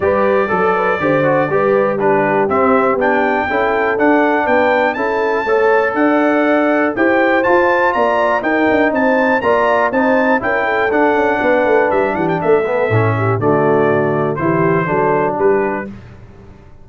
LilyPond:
<<
  \new Staff \with { instrumentName = "trumpet" } { \time 4/4 \tempo 4 = 121 d''1 | b'4 e''4 g''2 | fis''4 g''4 a''2 | fis''2 g''4 a''4 |
ais''4 g''4 a''4 ais''4 | a''4 g''4 fis''2 | e''8 fis''16 g''16 e''2 d''4~ | d''4 c''2 b'4 | }
  \new Staff \with { instrumentName = "horn" } { \time 4/4 b'4 a'8 b'8 c''4 b'4 | g'2. a'4~ | a'4 b'4 a'4 cis''4 | d''2 c''2 |
d''4 ais'4 c''4 d''4 | c''4 ais'8 a'4. b'4~ | b'8 g'8 a'4. g'8 fis'4~ | fis'4 g'4 a'4 g'4 | }
  \new Staff \with { instrumentName = "trombone" } { \time 4/4 g'4 a'4 g'8 fis'8 g'4 | d'4 c'4 d'4 e'4 | d'2 e'4 a'4~ | a'2 g'4 f'4~ |
f'4 dis'2 f'4 | dis'4 e'4 d'2~ | d'4. b8 cis'4 a4~ | a4 e'4 d'2 | }
  \new Staff \with { instrumentName = "tuba" } { \time 4/4 g4 fis4 d4 g4~ | g4 c'4 b4 cis'4 | d'4 b4 cis'4 a4 | d'2 e'4 f'4 |
ais4 dis'8 d'8 c'4 ais4 | c'4 cis'4 d'8 cis'8 b8 a8 | g8 e8 a4 a,4 d4~ | d4 e4 fis4 g4 | }
>>